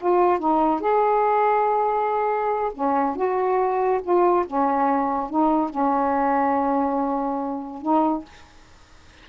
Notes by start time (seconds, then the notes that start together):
0.00 F4
0.39 D#4
0.81 G#4
2.74 C#4
3.16 F#4
4.03 F4
4.47 C#4
5.30 D#4
5.70 C#4
7.82 D#4